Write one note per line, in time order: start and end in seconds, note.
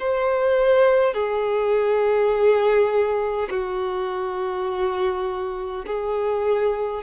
0.00 1.14 C5
1.14 3.49 G#4
3.51 5.86 F#4
5.86 7.04 G#4